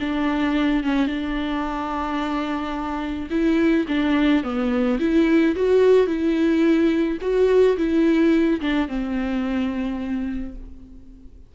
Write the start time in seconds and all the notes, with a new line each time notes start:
0.00 D4
0.83 C#4
1.07 D4
3.30 E4
3.88 D4
4.43 B3
4.99 E4
5.56 F#4
6.07 E4
7.21 F#4
7.77 E4
8.61 D4
8.88 C4